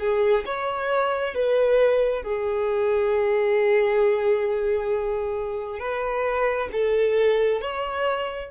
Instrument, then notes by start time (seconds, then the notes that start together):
violin
0.00 G#4
0.46 C#5
1.35 B4
2.23 G#4
5.80 B4
6.72 A4
7.62 C#5